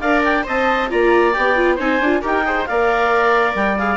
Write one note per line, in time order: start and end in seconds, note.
0.00 0.46 D4
0.00 0.43 A#4
0.00 0.44 D5
0.00 0.22 F5
0.23 0.45 G5
0.43 0.92 C4
0.43 0.87 C5
0.43 0.90 D#5
0.43 0.90 A5
0.89 1.36 A#3
0.89 1.33 F4
0.89 1.75 D5
0.89 1.33 A#5
1.33 1.79 B3
1.33 1.56 G4
1.33 1.77 G5
1.56 1.78 F4
1.75 2.00 C4
1.75 2.00 D#4
1.75 2.19 C5
1.75 2.23 G#5
2.00 2.22 D4
2.00 2.21 F4
2.21 2.68 D#4
2.21 2.43 G4
2.21 2.43 A#4
2.21 2.65 G5
2.45 2.67 G#4
2.45 2.68 C5
2.65 3.54 A#3
2.65 3.78 A#4
2.65 3.97 D5
2.65 3.54 F5
3.54 3.97 G3
3.54 3.77 G5
3.78 3.97 G#4
3.78 3.97 F5